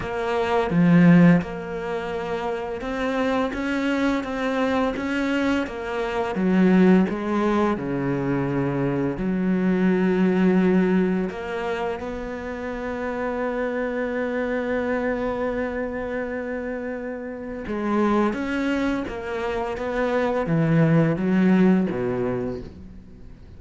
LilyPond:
\new Staff \with { instrumentName = "cello" } { \time 4/4 \tempo 4 = 85 ais4 f4 ais2 | c'4 cis'4 c'4 cis'4 | ais4 fis4 gis4 cis4~ | cis4 fis2. |
ais4 b2.~ | b1~ | b4 gis4 cis'4 ais4 | b4 e4 fis4 b,4 | }